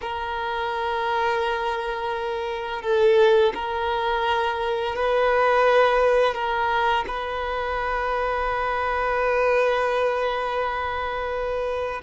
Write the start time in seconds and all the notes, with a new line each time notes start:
0.01 A#4
2.82 A4
3.54 A#4
4.95 B4
6.34 A#4
7.07 B4